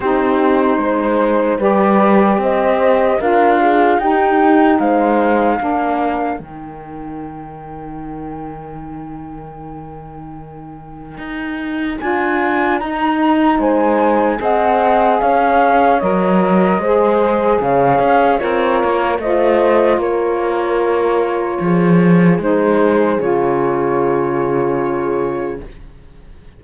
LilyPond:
<<
  \new Staff \with { instrumentName = "flute" } { \time 4/4 \tempo 4 = 75 c''2 d''4 dis''4 | f''4 g''4 f''2 | g''1~ | g''2. gis''4 |
ais''4 gis''4 fis''4 f''4 | dis''2 f''4 cis''4 | dis''4 cis''2. | c''4 cis''2. | }
  \new Staff \with { instrumentName = "horn" } { \time 4/4 g'4 c''4 b'4 c''4 | ais'8 gis'8 g'4 c''4 ais'4~ | ais'1~ | ais'1~ |
ais'4 c''4 dis''4 cis''4~ | cis''4 c''4 cis''4 f'4 | c''4 ais'2 gis'4~ | gis'1 | }
  \new Staff \with { instrumentName = "saxophone" } { \time 4/4 dis'2 g'2 | f'4 dis'2 d'4 | dis'1~ | dis'2. f'4 |
dis'2 gis'2 | ais'4 gis'2 ais'4 | f'1 | dis'4 f'2. | }
  \new Staff \with { instrumentName = "cello" } { \time 4/4 c'4 gis4 g4 c'4 | d'4 dis'4 gis4 ais4 | dis1~ | dis2 dis'4 d'4 |
dis'4 gis4 c'4 cis'4 | fis4 gis4 cis8 cis'8 c'8 ais8 | a4 ais2 f4 | gis4 cis2. | }
>>